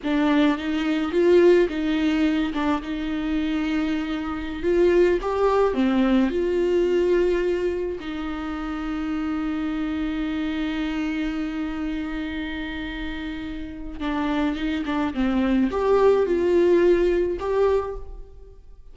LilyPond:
\new Staff \with { instrumentName = "viola" } { \time 4/4 \tempo 4 = 107 d'4 dis'4 f'4 dis'4~ | dis'8 d'8 dis'2.~ | dis'16 f'4 g'4 c'4 f'8.~ | f'2~ f'16 dis'4.~ dis'16~ |
dis'1~ | dis'1~ | dis'4 d'4 dis'8 d'8 c'4 | g'4 f'2 g'4 | }